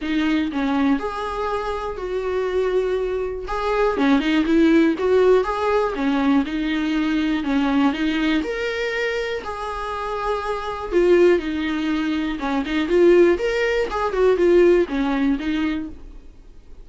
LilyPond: \new Staff \with { instrumentName = "viola" } { \time 4/4 \tempo 4 = 121 dis'4 cis'4 gis'2 | fis'2. gis'4 | cis'8 dis'8 e'4 fis'4 gis'4 | cis'4 dis'2 cis'4 |
dis'4 ais'2 gis'4~ | gis'2 f'4 dis'4~ | dis'4 cis'8 dis'8 f'4 ais'4 | gis'8 fis'8 f'4 cis'4 dis'4 | }